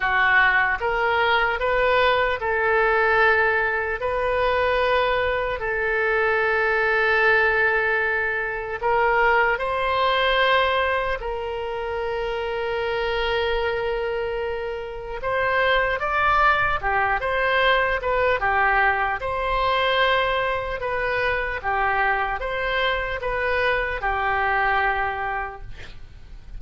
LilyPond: \new Staff \with { instrumentName = "oboe" } { \time 4/4 \tempo 4 = 75 fis'4 ais'4 b'4 a'4~ | a'4 b'2 a'4~ | a'2. ais'4 | c''2 ais'2~ |
ais'2. c''4 | d''4 g'8 c''4 b'8 g'4 | c''2 b'4 g'4 | c''4 b'4 g'2 | }